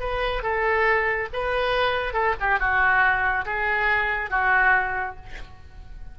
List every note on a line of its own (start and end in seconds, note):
0.00 0.43 B4
0.43 1.29 A4
1.33 2.14 B4
2.14 2.35 A4
2.41 2.59 G4
2.59 3.45 F#4
3.46 4.31 G#4
4.31 5.16 F#4